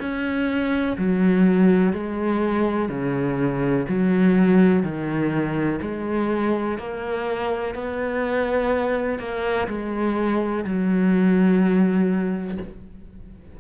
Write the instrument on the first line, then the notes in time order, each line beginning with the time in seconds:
cello
0.00 C#4
0.98 F#3
1.93 G#3
2.89 C#3
3.89 F#3
4.83 D#3
5.82 G#3
6.79 A#3
7.75 B3
9.19 A#3
9.68 G#3
10.65 F#3